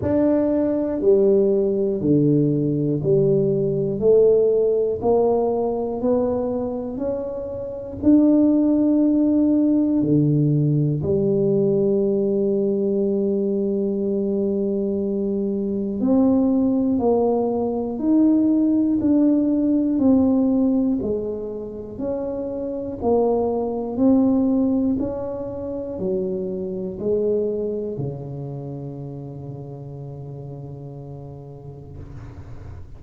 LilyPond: \new Staff \with { instrumentName = "tuba" } { \time 4/4 \tempo 4 = 60 d'4 g4 d4 g4 | a4 ais4 b4 cis'4 | d'2 d4 g4~ | g1 |
c'4 ais4 dis'4 d'4 | c'4 gis4 cis'4 ais4 | c'4 cis'4 fis4 gis4 | cis1 | }